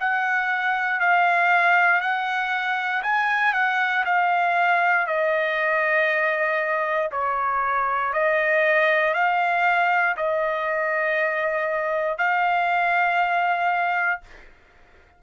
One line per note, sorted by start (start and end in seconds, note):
0.00 1.00 F#5
1.00 2.01 F5
2.01 3.02 F#5
3.02 3.53 G#5
3.53 4.04 F#5
4.05 5.07 F5
5.07 7.10 D#5
7.11 8.13 C#5
8.13 9.14 D#5
9.14 10.16 F5
10.16 12.18 D#5
12.18 14.21 F5